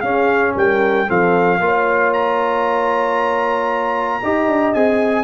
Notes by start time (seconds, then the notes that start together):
0.00 C#4 G#4 F5
0.55 G3 A#4 G5
1.07 F3 C4 A4 F5
1.59 A#3 F4 C#5
2.13 A#5
4.22 D#4 G4 D#5
4.47 D4
4.74 C4 G#4 G#5